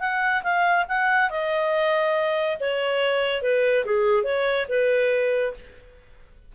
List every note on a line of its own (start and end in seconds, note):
0.00 0.43 F#5
0.43 0.85 F5
0.88 1.30 F#5
1.30 2.57 D#5
2.60 3.42 C#5
3.42 3.85 B4
3.85 4.24 G#4
4.24 4.66 C#5
4.69 5.54 B4